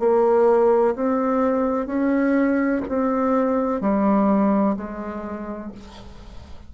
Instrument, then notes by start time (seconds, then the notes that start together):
bassoon
0.00 A#3
0.95 C4
1.87 C#4
2.89 C4
3.81 G3
4.77 G#3